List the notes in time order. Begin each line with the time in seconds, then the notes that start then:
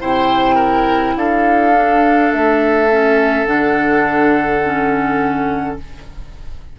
0.00 C3 E4 C5 G5
0.56 A#4
1.16 D4 A4 F5
1.74 D4
2.31 A3 E5
2.90 C#4
3.45 D3 D4 F#5
4.64 C#4